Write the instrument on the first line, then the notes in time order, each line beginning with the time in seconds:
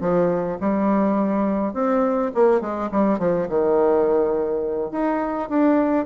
bassoon
0.00 F3
0.60 G3
1.73 C4
2.34 A#3
2.60 G#3
2.91 G3
3.18 F3
3.49 D#3
4.91 D#4
5.49 D4